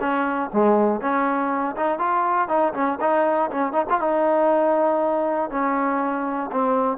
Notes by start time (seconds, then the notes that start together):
0.00 C#4
0.53 G#3
1.01 C#4
1.76 D#4
1.99 F4
2.48 D#4
2.74 C#4
3.00 D#4
3.51 C#4
3.73 D#4
3.90 F4
4.00 D#4
5.50 C#4
6.52 C4